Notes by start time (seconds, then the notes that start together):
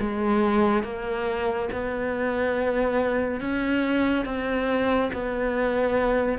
0.00 G#3
0.83 A#3
1.72 B3
3.41 C#4
4.25 C4
5.13 B3